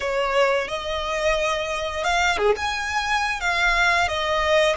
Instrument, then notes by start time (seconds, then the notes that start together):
violin
0.00 C#5
0.68 D#5
2.04 F5
2.37 G#4
2.56 G#5
3.40 F5
4.08 D#5